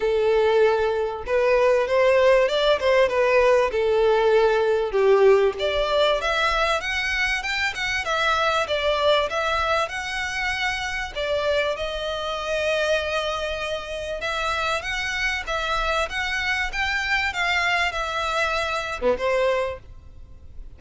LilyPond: \new Staff \with { instrumentName = "violin" } { \time 4/4 \tempo 4 = 97 a'2 b'4 c''4 | d''8 c''8 b'4 a'2 | g'4 d''4 e''4 fis''4 | g''8 fis''8 e''4 d''4 e''4 |
fis''2 d''4 dis''4~ | dis''2. e''4 | fis''4 e''4 fis''4 g''4 | f''4 e''4.~ e''16 b16 c''4 | }